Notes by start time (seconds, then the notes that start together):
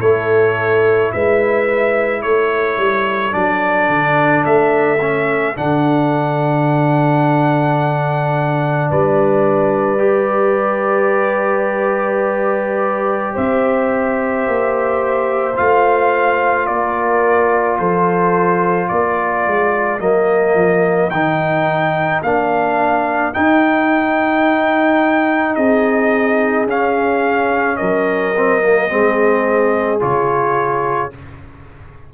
0.00 A3 E4 A4 C#5
1.12 G#3 B4 E5
2.22 A3 A4 C#5
2.78 G3
3.32 F#3 D4 D5
3.89 D3
4.45 A3 E5
5.00 C#4
5.55 D3 D4 F#5
8.90 G3 B4 D5
9.98 G4
13.34 C4 C5 E5
14.47 A#3
15.56 A3 F4 F5
16.66 A#3 A#4 D5
17.78 F3 A4 C5
18.88 A#3 A#4 D5
19.46 G#3
20.00 F#3 A#3 D#5
20.54 F3
21.10 D#3 D#4 G5
22.22 A#3 D4 F5
23.34 D#4 G5
25.55 C4 G#4 D#5
26.65 C#4 F5
27.76 F#3 A#4 D#5
28.36 C4
28.61 A#3
28.88 G#3 C4 G#4
29.99 C#3 F4 C#5